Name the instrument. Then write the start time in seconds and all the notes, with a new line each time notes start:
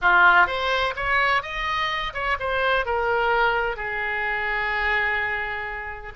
oboe
0.01 F4
0.46 C5
0.96 C#5
1.42 D#5
2.13 C#5
2.39 C5
2.85 A#4
3.76 G#4